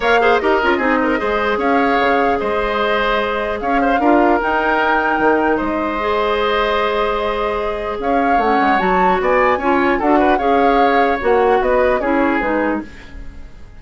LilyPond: <<
  \new Staff \with { instrumentName = "flute" } { \time 4/4 \tempo 4 = 150 f''4 dis''2. | f''2 dis''2~ | dis''4 f''2 g''4~ | g''2 dis''2~ |
dis''1 | f''4 fis''4 a''4 gis''4~ | gis''4 fis''4 f''2 | fis''4 dis''4 cis''4 b'4 | }
  \new Staff \with { instrumentName = "oboe" } { \time 4/4 cis''8 c''8 ais'4 gis'8 ais'8 c''4 | cis''2 c''2~ | c''4 cis''8 c''8 ais'2~ | ais'2 c''2~ |
c''1 | cis''2. d''4 | cis''4 a'8 b'8 cis''2~ | cis''4 b'4 gis'2 | }
  \new Staff \with { instrumentName = "clarinet" } { \time 4/4 ais'8 gis'8 g'8 f'8 dis'4 gis'4~ | gis'1~ | gis'2 f'4 dis'4~ | dis'2. gis'4~ |
gis'1~ | gis'4 cis'4 fis'2 | f'4 fis'4 gis'2 | fis'2 e'4 dis'4 | }
  \new Staff \with { instrumentName = "bassoon" } { \time 4/4 ais4 dis'8 cis'8 c'4 gis4 | cis'4 cis4 gis2~ | gis4 cis'4 d'4 dis'4~ | dis'4 dis4 gis2~ |
gis1 | cis'4 a8 gis8 fis4 b4 | cis'4 d'4 cis'2 | ais4 b4 cis'4 gis4 | }
>>